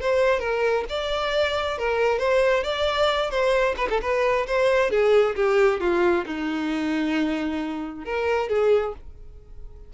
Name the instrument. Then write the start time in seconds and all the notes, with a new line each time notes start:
violin
0.00 C5
0.39 A#4
0.89 D5
1.78 A#4
2.19 C5
2.63 D5
3.30 C5
3.77 B4
3.89 A4
4.01 B4
4.47 C5
4.90 G#4
5.35 G4
5.80 F4
6.26 D#4
8.05 A#4
8.49 G#4